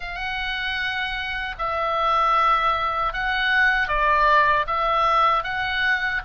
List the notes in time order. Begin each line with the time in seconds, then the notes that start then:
0.00 F#5
1.58 E5
3.13 F#5
3.87 D5
4.66 E5
5.43 F#5